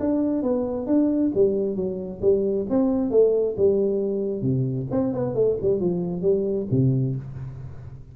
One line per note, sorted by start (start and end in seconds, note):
0.00 0.43 D4
0.43 0.87 B3
0.87 1.32 D4
1.35 1.76 G3
1.76 2.21 F#3
2.22 2.66 G3
2.70 3.11 C4
3.11 3.56 A3
3.57 4.42 G3
4.42 4.87 C3
4.92 5.14 C4
5.14 5.35 B3
5.35 5.57 A3
5.62 5.81 G3
5.81 6.22 F3
6.22 6.67 G3
6.71 7.16 C3